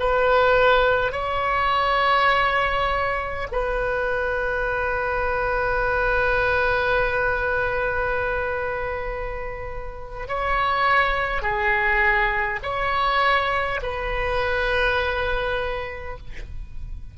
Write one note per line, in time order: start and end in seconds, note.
0.00 1.13 B4
1.13 3.48 C#5
3.52 10.28 B4
10.28 11.42 C#5
11.42 12.60 G#4
12.63 13.81 C#5
13.83 16.18 B4